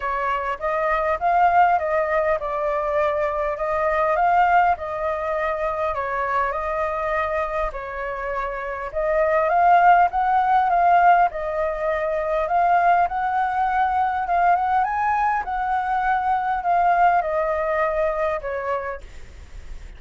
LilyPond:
\new Staff \with { instrumentName = "flute" } { \time 4/4 \tempo 4 = 101 cis''4 dis''4 f''4 dis''4 | d''2 dis''4 f''4 | dis''2 cis''4 dis''4~ | dis''4 cis''2 dis''4 |
f''4 fis''4 f''4 dis''4~ | dis''4 f''4 fis''2 | f''8 fis''8 gis''4 fis''2 | f''4 dis''2 cis''4 | }